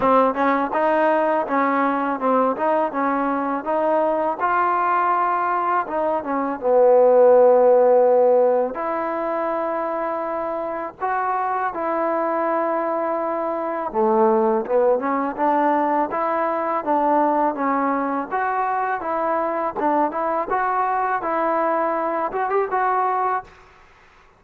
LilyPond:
\new Staff \with { instrumentName = "trombone" } { \time 4/4 \tempo 4 = 82 c'8 cis'8 dis'4 cis'4 c'8 dis'8 | cis'4 dis'4 f'2 | dis'8 cis'8 b2. | e'2. fis'4 |
e'2. a4 | b8 cis'8 d'4 e'4 d'4 | cis'4 fis'4 e'4 d'8 e'8 | fis'4 e'4. fis'16 g'16 fis'4 | }